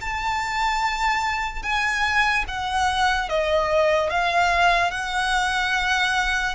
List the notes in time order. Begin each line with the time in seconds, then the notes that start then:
0.00 A5
1.62 G#5
2.47 F#5
3.28 D#5
4.09 F5
4.91 F#5